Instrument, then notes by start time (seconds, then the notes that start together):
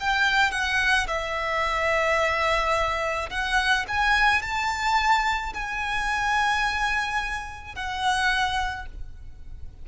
violin
0.00 G5
0.52 F#5
1.08 E5
3.31 F#5
3.88 G#5
4.42 A5
5.54 G#5
7.75 F#5